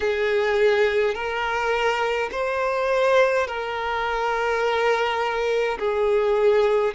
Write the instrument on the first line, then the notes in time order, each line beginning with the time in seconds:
violin
0.00 G#4
1.14 A#4
2.31 C5
3.47 A#4
5.78 G#4